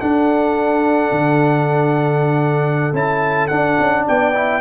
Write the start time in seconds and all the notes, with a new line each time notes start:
0.00 D4 A4 F#5
1.11 D3
2.93 C#4 E4 A5
3.47 D4 F#5
3.79 C#4
4.07 B3 D5 G5
4.34 E4